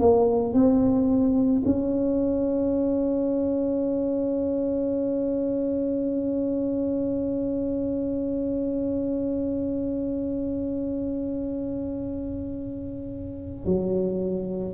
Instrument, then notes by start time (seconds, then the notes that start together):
tuba
0.00 A#3
0.54 C4
1.66 C#4
13.66 F#3